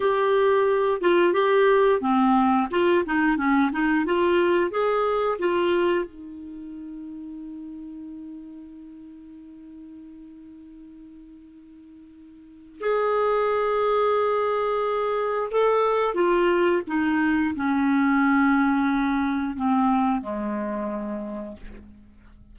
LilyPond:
\new Staff \with { instrumentName = "clarinet" } { \time 4/4 \tempo 4 = 89 g'4. f'8 g'4 c'4 | f'8 dis'8 cis'8 dis'8 f'4 gis'4 | f'4 dis'2.~ | dis'1~ |
dis'2. gis'4~ | gis'2. a'4 | f'4 dis'4 cis'2~ | cis'4 c'4 gis2 | }